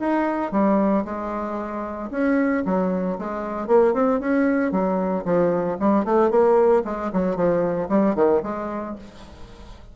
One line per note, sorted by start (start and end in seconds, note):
0.00 0.52 D#4
0.52 1.05 G3
1.05 2.10 G#3
2.11 2.64 C#4
2.65 3.18 F#3
3.18 3.67 G#3
3.67 3.94 A#3
3.94 4.20 C4
4.20 4.72 C#4
4.72 5.24 F#3
5.25 5.78 F3
5.80 6.05 G3
6.05 6.30 A3
6.30 6.83 A#3
6.85 7.11 G#3
7.13 7.36 F#3
7.36 7.89 F3
7.89 8.15 G3
8.15 8.42 D#3
8.43 8.96 G#3